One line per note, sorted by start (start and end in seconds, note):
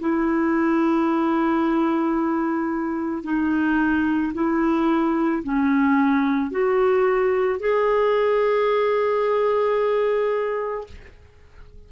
0.00 3.24 E4
3.24 4.33 D#4
4.34 5.43 E4
5.43 6.51 C#4
6.51 7.60 F#4
7.60 10.87 G#4